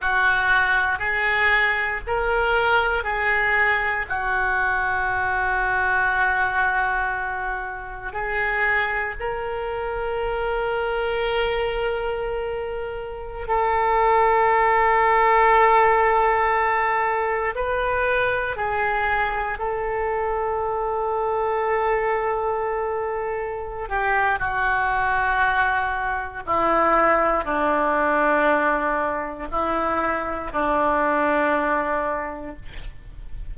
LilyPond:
\new Staff \with { instrumentName = "oboe" } { \time 4/4 \tempo 4 = 59 fis'4 gis'4 ais'4 gis'4 | fis'1 | gis'4 ais'2.~ | ais'4~ ais'16 a'2~ a'8.~ |
a'4~ a'16 b'4 gis'4 a'8.~ | a'2.~ a'8 g'8 | fis'2 e'4 d'4~ | d'4 e'4 d'2 | }